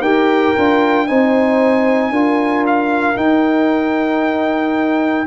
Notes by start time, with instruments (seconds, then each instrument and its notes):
0.00 tuba D#4, trombone G4, horn A#4, trumpet G5
0.56 tuba D4, trombone F4
1.06 tuba C4, trombone D#4, horn C5, trumpet G#5
2.10 tuba D4, trombone F4, horn A#4
2.66 trumpet F5
3.15 trombone D#4, tuba D#4, trumpet G5